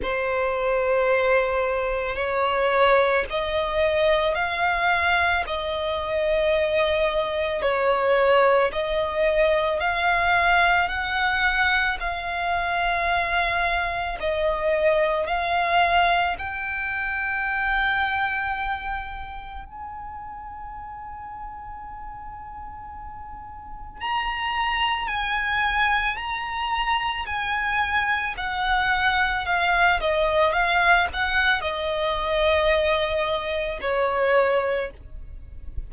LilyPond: \new Staff \with { instrumentName = "violin" } { \time 4/4 \tempo 4 = 55 c''2 cis''4 dis''4 | f''4 dis''2 cis''4 | dis''4 f''4 fis''4 f''4~ | f''4 dis''4 f''4 g''4~ |
g''2 gis''2~ | gis''2 ais''4 gis''4 | ais''4 gis''4 fis''4 f''8 dis''8 | f''8 fis''8 dis''2 cis''4 | }